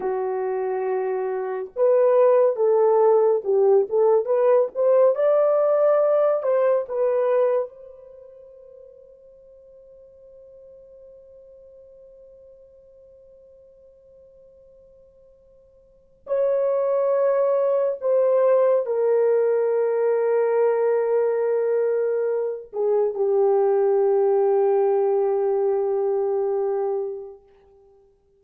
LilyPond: \new Staff \with { instrumentName = "horn" } { \time 4/4 \tempo 4 = 70 fis'2 b'4 a'4 | g'8 a'8 b'8 c''8 d''4. c''8 | b'4 c''2.~ | c''1~ |
c''2. cis''4~ | cis''4 c''4 ais'2~ | ais'2~ ais'8 gis'8 g'4~ | g'1 | }